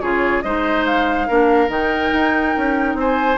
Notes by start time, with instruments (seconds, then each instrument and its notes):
0.00 bassoon C#3, clarinet F4, oboe G#4, flute C#5
0.41 bassoon G#3, clarinet D#4, oboe C5, flute D#5
0.85 flute F5
1.27 bassoon A#3, clarinet D4, oboe A#4
1.68 bassoon D#3, clarinet D#4, flute G5
2.13 bassoon D#4
2.56 bassoon C#4
2.94 bassoon C4, oboe C5, flute G#5